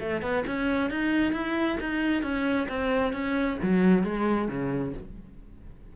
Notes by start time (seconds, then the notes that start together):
0.00 A3
0.22 B3
0.47 C#4
0.90 D#4
1.33 E4
1.80 D#4
2.22 C#4
2.69 C4
3.13 C#4
3.63 F#3
4.03 G#3
4.48 C#3